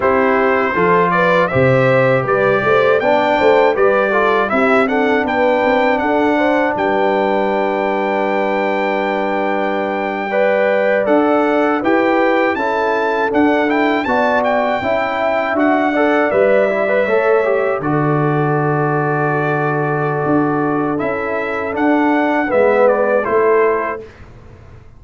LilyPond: <<
  \new Staff \with { instrumentName = "trumpet" } { \time 4/4 \tempo 4 = 80 c''4. d''8 e''4 d''4 | g''4 d''4 e''8 fis''8 g''4 | fis''4 g''2.~ | g''2~ g''8. fis''4 g''16~ |
g''8. a''4 fis''8 g''8 a''8 g''8.~ | g''8. fis''4 e''2 d''16~ | d''1 | e''4 fis''4 e''8 d''8 c''4 | }
  \new Staff \with { instrumentName = "horn" } { \time 4/4 g'4 a'8 b'8 c''4 b'8 c''8 | d''8 c''8 b'8 a'8 g'8 a'8 b'4 | a'8 c''8 b'2.~ | b'4.~ b'16 d''2 b'16~ |
b'8. a'2 d''4 e''16~ | e''4~ e''16 d''4. cis''4 a'16~ | a'1~ | a'2 b'4 a'4 | }
  \new Staff \with { instrumentName = "trombone" } { \time 4/4 e'4 f'4 g'2 | d'4 g'8 f'8 e'8 d'4.~ | d'1~ | d'4.~ d'16 b'4 a'4 g'16~ |
g'8. e'4 d'8 e'8 fis'4 e'16~ | e'8. fis'8 a'8 b'8 e'16 b'16 a'8 g'8 fis'16~ | fis'1 | e'4 d'4 b4 e'4 | }
  \new Staff \with { instrumentName = "tuba" } { \time 4/4 c'4 f4 c4 g8 a8 | b8 a8 g4 c'4 b8 c'8 | d'4 g2.~ | g2~ g8. d'4 e'16~ |
e'8. cis'4 d'4 b4 cis'16~ | cis'8. d'4 g4 a4 d16~ | d2. d'4 | cis'4 d'4 gis4 a4 | }
>>